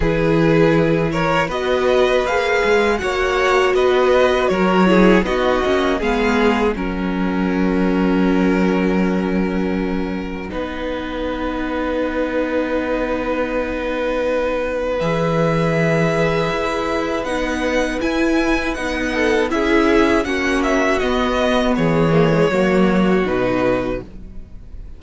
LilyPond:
<<
  \new Staff \with { instrumentName = "violin" } { \time 4/4 \tempo 4 = 80 b'4. cis''8 dis''4 f''4 | fis''4 dis''4 cis''4 dis''4 | f''4 fis''2.~ | fis''1~ |
fis''1 | e''2. fis''4 | gis''4 fis''4 e''4 fis''8 e''8 | dis''4 cis''2 b'4 | }
  \new Staff \with { instrumentName = "violin" } { \time 4/4 gis'4. ais'8 b'2 | cis''4 b'4 ais'8 gis'8 fis'4 | gis'4 ais'2.~ | ais'2 b'2~ |
b'1~ | b'1~ | b'4. a'8 gis'4 fis'4~ | fis'4 gis'4 fis'2 | }
  \new Staff \with { instrumentName = "viola" } { \time 4/4 e'2 fis'4 gis'4 | fis'2~ fis'8 e'8 dis'8 cis'8 | b4 cis'2.~ | cis'2 dis'2~ |
dis'1 | gis'2. dis'4 | e'4 dis'4 e'4 cis'4 | b4. ais16 gis16 ais4 dis'4 | }
  \new Staff \with { instrumentName = "cello" } { \time 4/4 e2 b4 ais8 gis8 | ais4 b4 fis4 b8 ais8 | gis4 fis2.~ | fis2 b2~ |
b1 | e2 e'4 b4 | e'4 b4 cis'4 ais4 | b4 e4 fis4 b,4 | }
>>